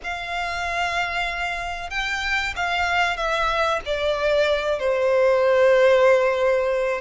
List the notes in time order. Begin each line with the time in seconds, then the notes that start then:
0.03 F5
1.90 G5
2.56 F5
3.16 E5
3.85 D5
4.79 C5